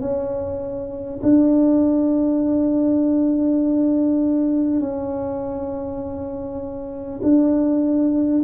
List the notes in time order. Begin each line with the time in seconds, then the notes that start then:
0.00 C#4
1.23 D4
4.80 C#4
7.22 D4